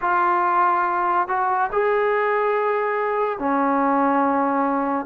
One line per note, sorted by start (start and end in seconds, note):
0.01 1.28 F4
1.28 1.70 F#4
1.71 3.38 G#4
3.38 5.05 C#4